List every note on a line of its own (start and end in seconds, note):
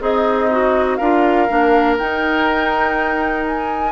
0.00 0.99 C4
0.00 0.98 D#4
0.00 0.49 G#4
0.00 0.96 D#5
0.51 1.00 F#4
0.96 1.49 D4
0.96 1.48 F4
0.96 3.92 A#4
0.96 1.94 F5
1.48 1.99 A#3
1.48 1.98 D4
1.98 3.92 D#4
1.98 3.45 G5
3.47 3.92 G#5